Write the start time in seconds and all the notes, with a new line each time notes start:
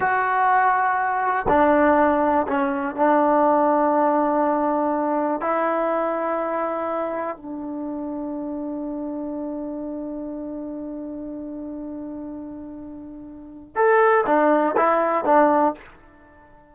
0.00 F#4
1.48 D4
2.47 C#4
2.96 D4
5.41 E4
7.37 D4
13.75 A4
14.26 D4
14.76 E4
15.25 D4